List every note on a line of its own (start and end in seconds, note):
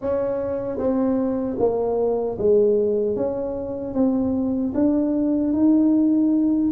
0.01 0.78 C#4
0.78 1.56 C4
1.58 2.37 A#3
2.38 3.16 G#3
3.16 3.94 C#4
3.94 4.73 C4
4.74 5.53 D4
5.53 6.71 D#4